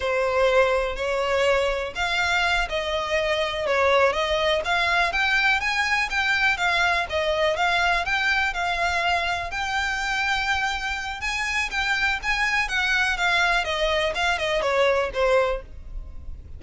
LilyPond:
\new Staff \with { instrumentName = "violin" } { \time 4/4 \tempo 4 = 123 c''2 cis''2 | f''4. dis''2 cis''8~ | cis''8 dis''4 f''4 g''4 gis''8~ | gis''8 g''4 f''4 dis''4 f''8~ |
f''8 g''4 f''2 g''8~ | g''2. gis''4 | g''4 gis''4 fis''4 f''4 | dis''4 f''8 dis''8 cis''4 c''4 | }